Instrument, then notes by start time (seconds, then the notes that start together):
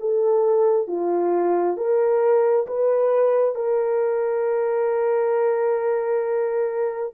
horn
0.00 A4
0.88 F4
1.77 A#4
2.67 B4
3.55 A#4